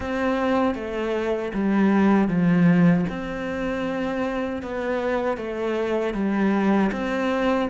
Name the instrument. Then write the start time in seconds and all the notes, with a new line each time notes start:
cello
0.00 C4
0.74 A3
1.53 G3
2.28 F3
3.09 C4
4.62 B3
5.37 A3
6.14 G3
6.92 C4